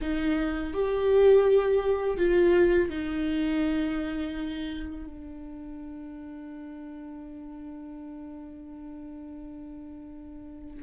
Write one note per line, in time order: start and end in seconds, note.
0.01 0.73 D#4
0.73 2.17 G4
2.17 2.89 F4
2.89 5.06 D#4
5.06 10.82 D4